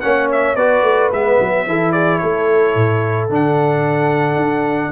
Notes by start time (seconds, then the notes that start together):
0.00 A#3 C#4 C#5 F#5
0.31 E5
0.55 B3 F#4 B4 D5
0.82 A3
1.11 G#3 B3 E5
1.40 F#3
1.66 E3 E4 A4
1.92 G#4 D5
2.18 A3 A4 C#5
2.75 A2
3.29 D3 D4 F#5
4.36 D4